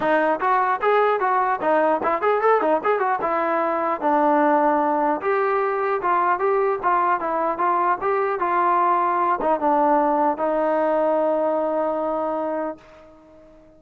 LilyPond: \new Staff \with { instrumentName = "trombone" } { \time 4/4 \tempo 4 = 150 dis'4 fis'4 gis'4 fis'4 | dis'4 e'8 gis'8 a'8 dis'8 gis'8 fis'8 | e'2 d'2~ | d'4 g'2 f'4 |
g'4 f'4 e'4 f'4 | g'4 f'2~ f'8 dis'8 | d'2 dis'2~ | dis'1 | }